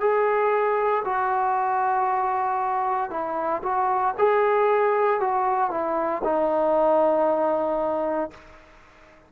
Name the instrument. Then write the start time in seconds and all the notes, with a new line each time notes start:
trombone
0.00 G#4
1.05 F#4
3.10 E4
3.63 F#4
4.18 G#4
5.21 F#4
5.71 E4
6.24 D#4